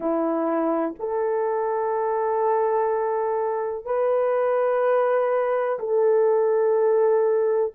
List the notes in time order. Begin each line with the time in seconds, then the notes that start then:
0.00 E4
0.99 A4
3.85 B4
5.79 A4